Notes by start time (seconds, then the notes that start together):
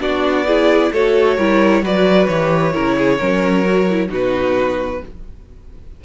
0.00 B3 D4 F#4 D5
0.47 E4 G#4
0.92 A3 F#4 A4 C#5
1.37 G3 E4 A#4
1.82 F#3 F#4 B4 D5
2.28 E3 G4 C#5
2.73 C#3 E4 A#4
2.98 G#4
3.17 F#3 C#4 A#4
3.66 F#4
3.90 E4
4.09 B2 D#4 F#4 B4